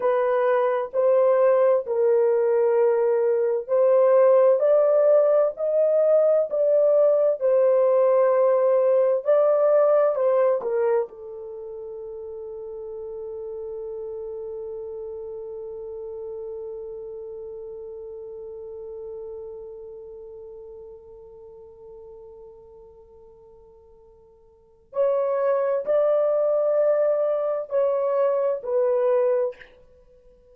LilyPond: \new Staff \with { instrumentName = "horn" } { \time 4/4 \tempo 4 = 65 b'4 c''4 ais'2 | c''4 d''4 dis''4 d''4 | c''2 d''4 c''8 ais'8 | a'1~ |
a'1~ | a'1~ | a'2. cis''4 | d''2 cis''4 b'4 | }